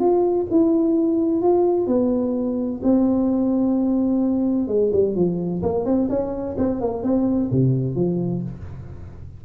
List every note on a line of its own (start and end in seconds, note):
0.00 0.47 F4
0.51 1.42 E4
1.42 1.87 F4
1.87 2.81 B3
2.83 4.68 C4
4.68 4.92 G#3
4.93 5.16 G3
5.16 5.62 F3
5.63 5.86 A#3
5.86 6.09 C4
6.10 6.56 C#4
6.58 6.81 C4
6.81 7.04 A#3
7.04 7.51 C4
7.51 7.96 C3
7.96 8.42 F3